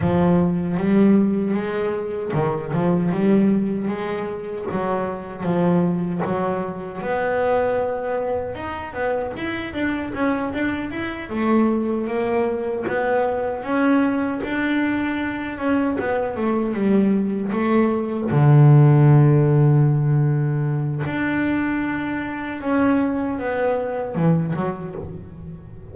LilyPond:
\new Staff \with { instrumentName = "double bass" } { \time 4/4 \tempo 4 = 77 f4 g4 gis4 dis8 f8 | g4 gis4 fis4 f4 | fis4 b2 dis'8 b8 | e'8 d'8 cis'8 d'8 e'8 a4 ais8~ |
ais8 b4 cis'4 d'4. | cis'8 b8 a8 g4 a4 d8~ | d2. d'4~ | d'4 cis'4 b4 e8 fis8 | }